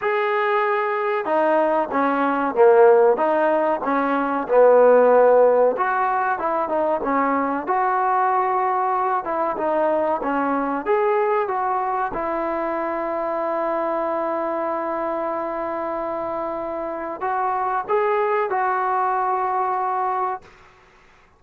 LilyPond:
\new Staff \with { instrumentName = "trombone" } { \time 4/4 \tempo 4 = 94 gis'2 dis'4 cis'4 | ais4 dis'4 cis'4 b4~ | b4 fis'4 e'8 dis'8 cis'4 | fis'2~ fis'8 e'8 dis'4 |
cis'4 gis'4 fis'4 e'4~ | e'1~ | e'2. fis'4 | gis'4 fis'2. | }